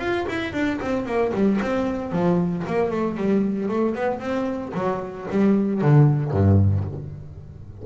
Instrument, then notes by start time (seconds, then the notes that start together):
double bass
0.00 F4
0.29 E4
0.54 D4
0.82 C4
1.06 A#3
1.34 G3
1.62 C4
2.13 F3
2.68 A#3
2.91 A3
3.17 G3
3.69 A3
3.95 B3
4.20 C4
4.74 F#3
5.31 G3
5.82 D3
6.32 G2